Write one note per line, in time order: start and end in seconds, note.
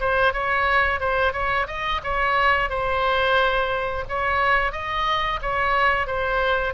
0.00 0.33 C5
0.33 1.00 C#5
1.00 1.33 C5
1.33 1.67 C#5
1.67 2.01 D#5
2.04 2.70 C#5
2.70 4.05 C5
4.09 4.72 C#5
4.72 5.40 D#5
5.42 6.07 C#5
6.07 6.74 C5